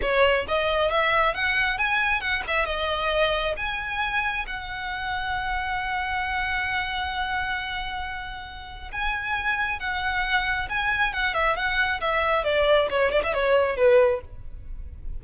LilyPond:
\new Staff \with { instrumentName = "violin" } { \time 4/4 \tempo 4 = 135 cis''4 dis''4 e''4 fis''4 | gis''4 fis''8 e''8 dis''2 | gis''2 fis''2~ | fis''1~ |
fis''1 | gis''2 fis''2 | gis''4 fis''8 e''8 fis''4 e''4 | d''4 cis''8 d''16 e''16 cis''4 b'4 | }